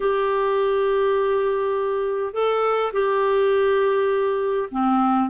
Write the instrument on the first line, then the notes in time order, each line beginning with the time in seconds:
clarinet
0.00 G4
2.33 A4
2.93 G4
4.71 C4